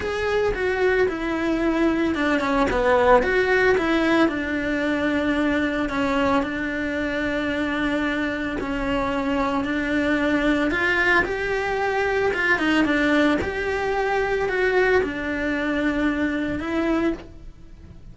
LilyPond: \new Staff \with { instrumentName = "cello" } { \time 4/4 \tempo 4 = 112 gis'4 fis'4 e'2 | d'8 cis'8 b4 fis'4 e'4 | d'2. cis'4 | d'1 |
cis'2 d'2 | f'4 g'2 f'8 dis'8 | d'4 g'2 fis'4 | d'2. e'4 | }